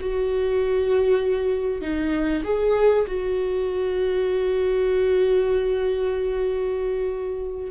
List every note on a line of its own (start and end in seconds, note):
0.00 1.82 F#4
1.82 2.43 D#4
2.44 3.06 G#4
3.07 7.71 F#4